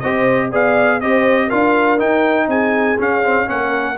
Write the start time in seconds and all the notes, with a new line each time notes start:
0.00 C4 G4 C5 D#5
0.51 B3 G#4 D5 F5
1.01 C4 G4 C5 D#5
1.48 D4 F4 A#4 F5
1.98 D#4 G5
2.48 C4 G#4 G#5
2.98 C#4 F5
3.24 C4
3.46 A#3 C#4 A#4 F#5